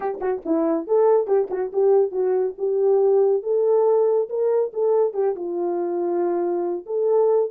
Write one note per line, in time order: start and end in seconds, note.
0.00 0.19 G4
0.20 0.42 F#4
0.45 0.87 E4
0.87 1.27 A4
1.27 1.48 G4
1.50 1.71 F#4
1.73 2.11 G4
2.11 2.54 F#4
2.58 3.43 G4
3.43 4.28 A4
4.29 4.72 A#4
4.73 5.13 A4
5.13 5.35 G4
5.35 6.85 F4
6.86 7.50 A4